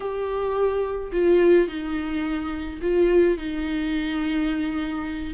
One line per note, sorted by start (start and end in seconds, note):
0.00 1.11 G4
1.12 1.68 F4
1.68 2.80 D#4
2.81 3.37 F4
3.37 5.33 D#4